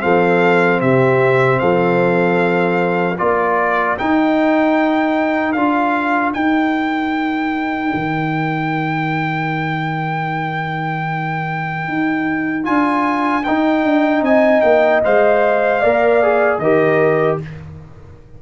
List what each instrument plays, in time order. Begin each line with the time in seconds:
0.00 tuba F3, trombone C4, horn A4, trumpet F5
0.81 tuba C3, horn G4, trumpet E5
1.59 tuba F3, horn A4, trumpet F5
3.17 tuba A#3, trombone F4, horn A#4, trumpet D5
3.98 trombone D#4, tuba D#4, trumpet G5
5.53 tuba D4, trombone F4, trumpet F5
6.34 trombone D#4, tuba D#4, trumpet G5
7.94 tuba D#3
11.89 tuba D#4
12.63 tuba D4, trombone F4, trumpet G#5
13.44 tuba D#4, trombone D#4, trumpet G5
13.84 tuba D4
14.22 tuba C4, horn D#5, trumpet G#5
14.61 tuba A#3, trumpet G5
15.04 tuba G#3, trombone C5, trumpet F5
15.81 tuba A#3, trombone A#4, horn D5
16.23 trombone G#4
16.58 tuba D#3, trombone G4, horn A#4, trumpet D#5